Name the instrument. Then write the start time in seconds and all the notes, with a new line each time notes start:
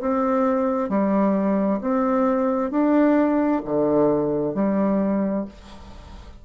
bassoon
0.00 C4
0.89 G3
1.81 C4
2.71 D4
3.65 D3
4.54 G3